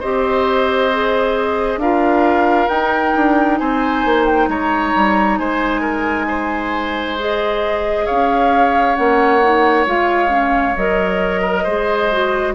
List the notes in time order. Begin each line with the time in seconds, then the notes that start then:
0.00 C4 G4 C5 D#5
0.92 G#4
1.77 D4 F4 A#4 F5
2.68 D#4 G5
3.16 D4
3.58 C4 C5 G#5
4.05 A#3
4.26 G5
4.48 G#3 C#5 A#5
4.96 G3
5.38 G#3 C5 G#5
5.81 A#4
6.28 C5
7.19 G#4 D#5
8.05 C#4 C#5 F5
8.96 A#3 C#4 F#5
9.42 D#4
9.86 G#3 F4 F5
10.29 C#4
10.76 F#3 A#4 D#5
11.41 A#4
11.63 G#3 G#4 C5
12.12 F#4